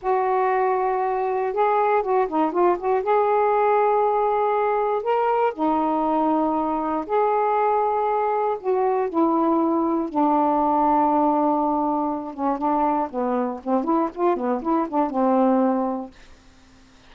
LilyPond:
\new Staff \with { instrumentName = "saxophone" } { \time 4/4 \tempo 4 = 119 fis'2. gis'4 | fis'8 dis'8 f'8 fis'8 gis'2~ | gis'2 ais'4 dis'4~ | dis'2 gis'2~ |
gis'4 fis'4 e'2 | d'1~ | d'8 cis'8 d'4 b4 c'8 e'8 | f'8 b8 e'8 d'8 c'2 | }